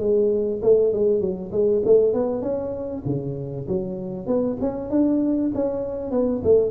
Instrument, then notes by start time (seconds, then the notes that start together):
tuba
0.00 G#3
0.63 A3
0.93 G#3
1.21 F#3
1.52 G#3
1.85 A3
2.14 B3
2.42 C#4
3.06 C#3
3.68 F#3
4.27 B3
4.61 C#4
4.91 D4
5.55 C#4
6.12 B3
6.44 A3